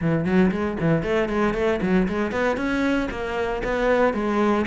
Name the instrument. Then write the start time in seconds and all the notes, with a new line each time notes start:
cello
0.01 E3
0.24 F#3
0.51 G#3
0.80 E3
1.03 A3
1.28 G#3
1.54 A3
1.81 F#3
2.08 G#3
2.31 B3
2.56 C#4
3.10 A#3
3.63 B3
4.13 G#3